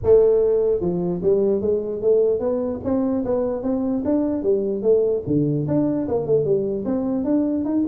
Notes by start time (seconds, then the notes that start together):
0.03 A3
0.80 F3
1.22 G3
1.61 G#3
2.01 A3
2.39 B3
2.84 C4
3.24 B3
3.62 C4
4.05 D4
4.42 G3
4.82 A3
5.27 D3
5.67 D4
6.08 A#3
6.26 A3
6.44 G3
6.85 C4
7.24 D4
7.65 D#4